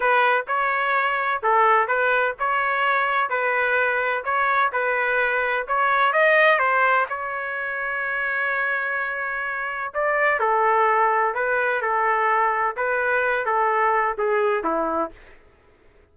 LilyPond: \new Staff \with { instrumentName = "trumpet" } { \time 4/4 \tempo 4 = 127 b'4 cis''2 a'4 | b'4 cis''2 b'4~ | b'4 cis''4 b'2 | cis''4 dis''4 c''4 cis''4~ |
cis''1~ | cis''4 d''4 a'2 | b'4 a'2 b'4~ | b'8 a'4. gis'4 e'4 | }